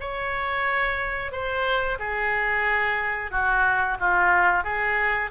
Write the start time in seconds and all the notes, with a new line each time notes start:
0.00 C#5
1.32 C5
1.99 G#4
3.31 F#4
4.00 F4
4.64 G#4